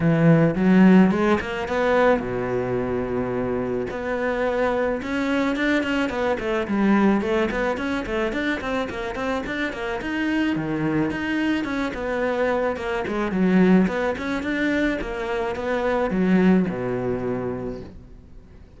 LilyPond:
\new Staff \with { instrumentName = "cello" } { \time 4/4 \tempo 4 = 108 e4 fis4 gis8 ais8 b4 | b,2. b4~ | b4 cis'4 d'8 cis'8 b8 a8 | g4 a8 b8 cis'8 a8 d'8 c'8 |
ais8 c'8 d'8 ais8 dis'4 dis4 | dis'4 cis'8 b4. ais8 gis8 | fis4 b8 cis'8 d'4 ais4 | b4 fis4 b,2 | }